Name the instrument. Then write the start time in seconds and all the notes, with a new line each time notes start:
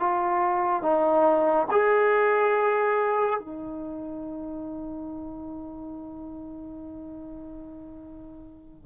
trombone
0.00 F4
0.83 D#4
1.71 G#4
3.40 D#4